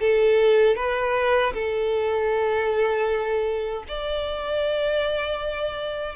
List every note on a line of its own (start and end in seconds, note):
0.00 0.76 A4
0.76 1.53 B4
1.53 3.84 A4
3.87 6.15 D5